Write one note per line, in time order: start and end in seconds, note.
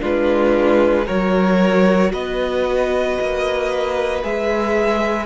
0.00 1.08 G#3
0.00 1.05 D4
0.00 1.05 F4
0.00 1.07 B4
1.05 2.12 F#3
1.05 4.22 F#4
1.05 2.10 A#4
1.05 2.12 C#5
2.12 3.18 B3
2.12 5.26 B4
2.12 4.23 D#5
3.21 4.23 A#3
4.22 5.26 G#3
4.22 5.26 G#4
4.22 5.26 E5